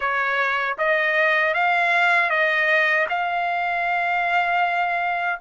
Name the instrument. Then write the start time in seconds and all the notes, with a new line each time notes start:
trumpet
0.00 C#5
0.78 D#5
1.53 F5
2.29 D#5
3.09 F5